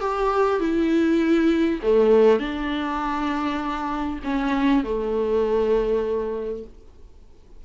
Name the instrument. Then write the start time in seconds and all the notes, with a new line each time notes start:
viola
0.00 G4
0.60 E4
1.82 A3
2.39 D4
4.24 C#4
4.84 A3